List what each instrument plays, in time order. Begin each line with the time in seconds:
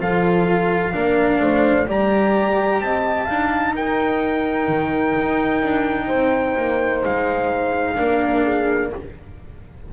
0.00 double bass F3, cello F4, horn A4, trumpet F5
0.92 double bass A#3, cello D4, horn A#4
1.40 double bass A3, horn C5
1.87 double bass G3, cello G4, horn D5, trumpet A#5
2.81 double bass C4, horn D#5, trumpet A5
3.25 double bass D4, cello D#4, horn F5
3.74 double bass D#4, horn A#4, trumpet G5
4.68 double bass D#3
5.18 double bass D#4
5.62 double bass D4
6.06 double bass C4, horn C5
6.57 double bass A#3
7.04 double bass G#3, trumpet F5
7.95 double bass A#3, cello D4, horn A#4
8.43 horn G#4